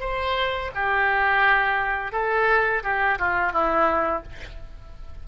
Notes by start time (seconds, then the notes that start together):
0.00 C5
0.75 G4
2.12 A4
2.83 G4
3.19 F4
3.52 E4